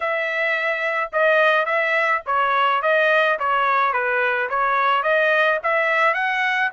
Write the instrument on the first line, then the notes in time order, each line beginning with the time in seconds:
trumpet
0.00 E5
1.12 D#5
1.65 E5
2.26 C#5
2.82 D#5
3.39 C#5
3.92 B4
4.49 C#5
5.03 D#5
5.63 E5
6.14 F#5